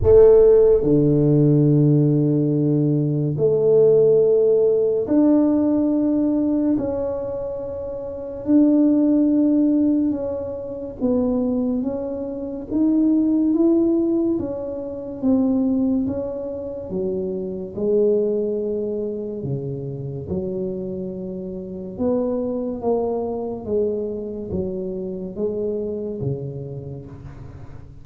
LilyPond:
\new Staff \with { instrumentName = "tuba" } { \time 4/4 \tempo 4 = 71 a4 d2. | a2 d'2 | cis'2 d'2 | cis'4 b4 cis'4 dis'4 |
e'4 cis'4 c'4 cis'4 | fis4 gis2 cis4 | fis2 b4 ais4 | gis4 fis4 gis4 cis4 | }